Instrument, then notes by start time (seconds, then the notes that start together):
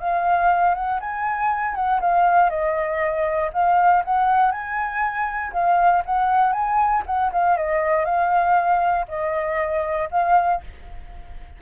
flute
0.00 F5
0.75 F#5
1.00 G#5
1.75 F#5
2.01 F5
2.50 D#5
3.53 F5
4.05 F#5
4.51 G#5
5.53 F5
6.06 F#5
6.53 G#5
7.06 F#5
7.33 F5
7.57 D#5
8.05 F5
9.08 D#5
10.11 F5